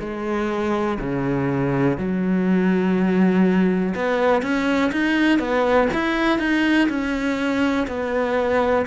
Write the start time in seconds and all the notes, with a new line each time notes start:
0.00 G#3
1.00 C#3
1.98 F#3
3.95 B3
4.43 C#4
4.92 D#4
5.39 B3
5.93 E4
6.39 D#4
6.89 C#4
7.88 B3